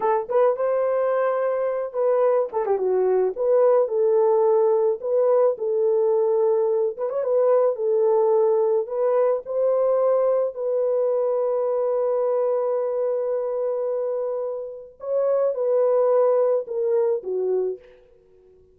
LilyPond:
\new Staff \with { instrumentName = "horn" } { \time 4/4 \tempo 4 = 108 a'8 b'8 c''2~ c''8 b'8~ | b'8 a'16 g'16 fis'4 b'4 a'4~ | a'4 b'4 a'2~ | a'8 b'16 cis''16 b'4 a'2 |
b'4 c''2 b'4~ | b'1~ | b'2. cis''4 | b'2 ais'4 fis'4 | }